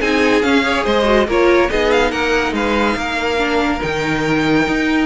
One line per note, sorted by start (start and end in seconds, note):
0.00 0.43 C4
0.00 0.42 D#4
0.00 0.63 G#4
0.00 0.41 G#5
0.41 0.63 C#4
0.41 0.85 C#4
0.41 0.84 F5
0.63 1.04 G#4
0.63 0.84 C#5
0.84 1.27 G#3
0.84 1.26 C5
0.84 1.28 D#5
1.04 1.25 F#4
1.27 1.69 A#3
1.27 1.68 F4
1.27 1.69 A#4
1.27 1.70 C#5
1.68 2.11 B3
1.68 3.37 D#4
1.68 2.11 G#4
1.68 1.91 D#5
1.91 2.11 F5
2.11 2.52 A#3
2.11 2.53 A#4
2.11 2.53 F#5
2.52 2.94 G#3
2.52 2.96 B4
2.52 3.81 F5
2.95 3.80 A#3
2.95 5.05 A#4
3.37 3.79 D4
3.79 4.67 D#3
3.79 5.05 D#4
3.79 5.05 G5
4.67 5.05 D#4